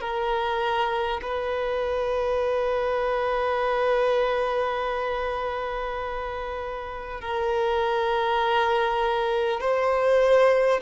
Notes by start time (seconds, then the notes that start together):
0.00 A#4
1.22 B4
7.21 A#4
9.60 C5